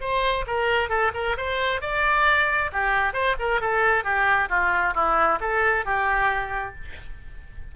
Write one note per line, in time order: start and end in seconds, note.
0.00 0.45 C5
0.46 0.89 A#4
0.89 1.11 A4
1.14 1.36 A#4
1.37 1.81 C5
1.81 2.70 D5
2.72 3.13 G4
3.13 3.35 C5
3.39 3.60 A#4
3.60 4.04 A4
4.04 4.49 G4
4.49 4.94 F4
4.94 5.39 E4
5.40 5.85 A4
5.85 6.74 G4